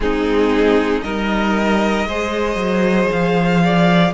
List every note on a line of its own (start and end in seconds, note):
0.00 1.03 G#3
0.00 1.03 C4
0.00 1.04 D#4
0.00 1.01 G#4
1.01 2.05 G3
1.01 2.06 D#4
1.01 2.07 A#4
1.01 3.08 D#5
2.05 2.55 G#3
2.05 4.13 G#4
2.05 3.63 C5
2.55 3.07 F#3
3.11 4.13 F3
3.11 4.13 F5
3.64 4.13 D5